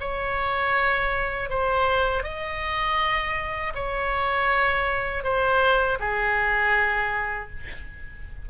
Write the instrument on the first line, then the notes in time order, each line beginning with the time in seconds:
oboe
0.00 C#5
1.50 C5
2.24 D#5
3.75 C#5
5.24 C5
6.00 G#4